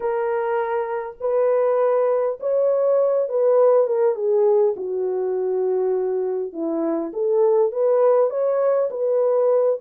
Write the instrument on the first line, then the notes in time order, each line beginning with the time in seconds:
horn
0.00 A#4
1.20 B4
2.40 C#5
3.28 B4
3.87 A#4
4.14 G#4
4.76 F#4
6.52 E4
7.13 A4
7.71 B4
8.30 C#5
8.90 B4